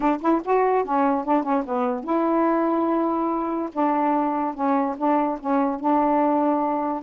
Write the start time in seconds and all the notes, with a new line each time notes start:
0.00 D4
0.21 E4
0.44 F#4
0.84 C#4
1.24 D4
1.43 C#4
1.65 B3
2.04 E4
3.73 D4
4.54 C#4
4.97 D4
5.40 C#4
5.80 D4